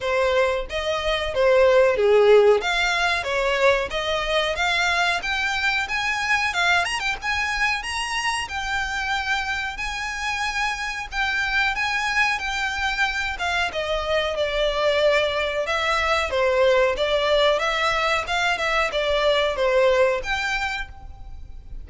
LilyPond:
\new Staff \with { instrumentName = "violin" } { \time 4/4 \tempo 4 = 92 c''4 dis''4 c''4 gis'4 | f''4 cis''4 dis''4 f''4 | g''4 gis''4 f''8 ais''16 g''16 gis''4 | ais''4 g''2 gis''4~ |
gis''4 g''4 gis''4 g''4~ | g''8 f''8 dis''4 d''2 | e''4 c''4 d''4 e''4 | f''8 e''8 d''4 c''4 g''4 | }